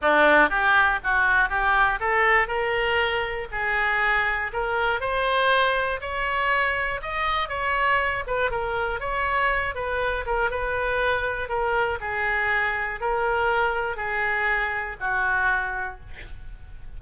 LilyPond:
\new Staff \with { instrumentName = "oboe" } { \time 4/4 \tempo 4 = 120 d'4 g'4 fis'4 g'4 | a'4 ais'2 gis'4~ | gis'4 ais'4 c''2 | cis''2 dis''4 cis''4~ |
cis''8 b'8 ais'4 cis''4. b'8~ | b'8 ais'8 b'2 ais'4 | gis'2 ais'2 | gis'2 fis'2 | }